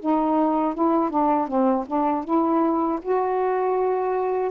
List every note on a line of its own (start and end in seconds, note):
0.00 0.74 D#4
0.74 1.10 E4
1.10 1.48 D4
1.48 1.85 C4
1.87 2.24 D4
2.24 2.99 E4
3.02 4.51 F#4